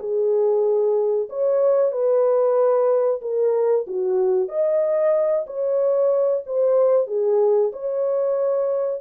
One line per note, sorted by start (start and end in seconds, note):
0.00 1.29 G#4
1.30 1.92 C#5
1.92 3.21 B4
3.22 3.86 A#4
3.88 4.49 F#4
4.49 5.46 D#5
5.47 6.44 C#5
6.47 7.08 C5
7.08 7.72 G#4
7.73 9.02 C#5